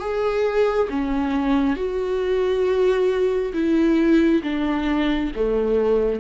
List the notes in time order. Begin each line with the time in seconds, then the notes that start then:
0.00 G#4
0.90 C#4
1.76 F#4
3.54 E4
4.43 D4
5.36 A3